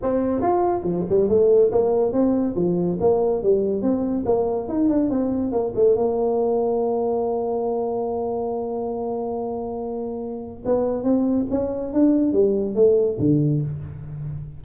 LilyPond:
\new Staff \with { instrumentName = "tuba" } { \time 4/4 \tempo 4 = 141 c'4 f'4 f8 g8 a4 | ais4 c'4 f4 ais4 | g4 c'4 ais4 dis'8 d'8 | c'4 ais8 a8 ais2~ |
ais1~ | ais1~ | ais4 b4 c'4 cis'4 | d'4 g4 a4 d4 | }